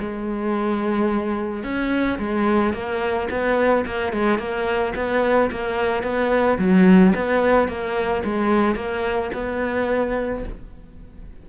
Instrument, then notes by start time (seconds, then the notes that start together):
cello
0.00 G#3
1.63 C#4
2.19 G#3
2.73 A#3
3.30 B3
3.86 A#3
4.12 G#3
4.39 A#3
4.95 B3
5.51 A#3
6.03 B3
6.58 F#3
7.15 B3
7.68 A#3
8.24 G#3
8.76 A#3
9.34 B3